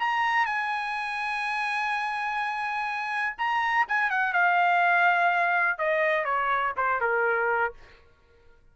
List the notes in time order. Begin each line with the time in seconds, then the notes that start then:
0.00 A#5
0.46 G#5
3.38 A#5
3.88 G#5
4.11 F#5
4.33 F5
5.78 D#5
6.25 C#5
6.77 C5
7.01 A#4